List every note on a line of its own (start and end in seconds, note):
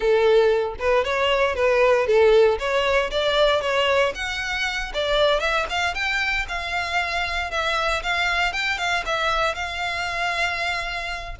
0.00 0.75 A4
0.79 1.04 B4
1.04 1.55 C#5
1.55 2.06 B4
2.06 2.58 A4
2.58 3.10 C#5
3.10 3.61 D5
3.61 4.13 C#5
4.14 4.92 F#5
4.94 5.40 D5
5.40 5.65 E5
5.69 5.94 F5
5.94 6.46 G5
6.48 7.50 F5
7.50 8.02 E5
8.02 8.52 F5
8.52 8.77 G5
8.77 9.03 F5
9.05 9.54 E5
9.54 11.35 F5